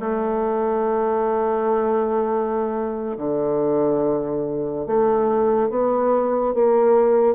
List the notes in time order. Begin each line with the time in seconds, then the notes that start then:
0.00 A3
3.17 D3
4.87 A3
5.70 B3
6.54 A#3